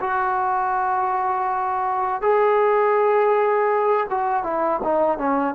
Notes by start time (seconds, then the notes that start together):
0.00 F#4
2.22 G#4
4.10 F#4
4.43 E4
4.84 D#4
5.18 C#4